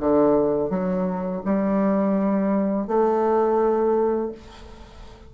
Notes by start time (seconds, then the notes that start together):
0.00 D3
0.70 F#3
1.45 G3
2.88 A3